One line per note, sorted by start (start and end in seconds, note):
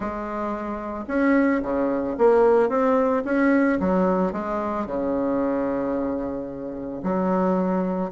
0.00 1.05 G#3
1.07 1.61 C#4
1.62 2.16 C#3
2.17 2.69 A#3
2.69 3.23 C4
3.24 3.78 C#4
3.80 4.32 F#3
4.32 4.86 G#3
4.86 7.02 C#3
7.03 8.11 F#3